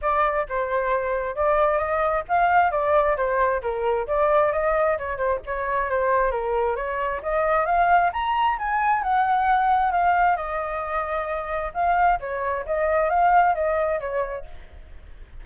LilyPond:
\new Staff \with { instrumentName = "flute" } { \time 4/4 \tempo 4 = 133 d''4 c''2 d''4 | dis''4 f''4 d''4 c''4 | ais'4 d''4 dis''4 cis''8 c''8 | cis''4 c''4 ais'4 cis''4 |
dis''4 f''4 ais''4 gis''4 | fis''2 f''4 dis''4~ | dis''2 f''4 cis''4 | dis''4 f''4 dis''4 cis''4 | }